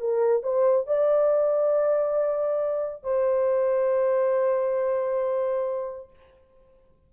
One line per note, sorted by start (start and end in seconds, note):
0.00 0.43 A#4
0.43 0.87 C5
0.87 3.03 D5
3.03 6.10 C5